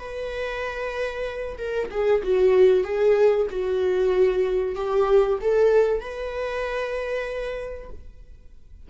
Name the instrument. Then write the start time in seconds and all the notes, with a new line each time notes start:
viola
0.00 B4
1.58 A#4
1.91 G#4
2.23 F#4
2.84 G#4
3.51 F#4
4.76 G4
5.41 A4
6.01 B4